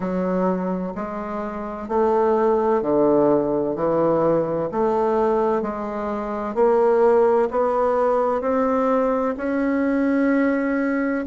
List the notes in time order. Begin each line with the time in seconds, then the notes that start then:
0.00 F#3
0.95 G#3
1.88 A3
2.81 D3
3.75 E3
4.71 A3
5.62 G#3
6.55 A#3
7.50 B3
8.41 C4
9.37 C#4